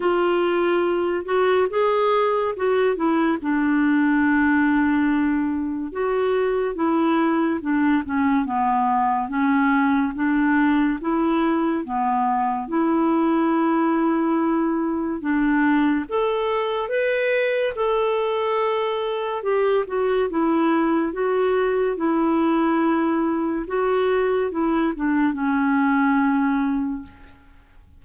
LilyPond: \new Staff \with { instrumentName = "clarinet" } { \time 4/4 \tempo 4 = 71 f'4. fis'8 gis'4 fis'8 e'8 | d'2. fis'4 | e'4 d'8 cis'8 b4 cis'4 | d'4 e'4 b4 e'4~ |
e'2 d'4 a'4 | b'4 a'2 g'8 fis'8 | e'4 fis'4 e'2 | fis'4 e'8 d'8 cis'2 | }